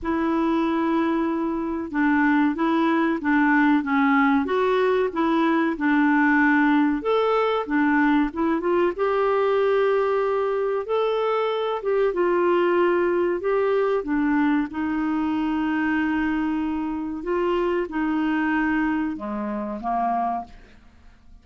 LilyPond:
\new Staff \with { instrumentName = "clarinet" } { \time 4/4 \tempo 4 = 94 e'2. d'4 | e'4 d'4 cis'4 fis'4 | e'4 d'2 a'4 | d'4 e'8 f'8 g'2~ |
g'4 a'4. g'8 f'4~ | f'4 g'4 d'4 dis'4~ | dis'2. f'4 | dis'2 gis4 ais4 | }